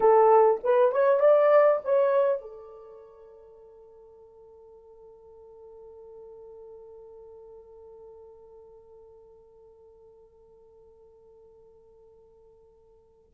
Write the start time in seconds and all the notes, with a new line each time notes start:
0.00 A4
0.63 B4
0.91 C#5
1.20 D5
1.84 C#5
2.41 A4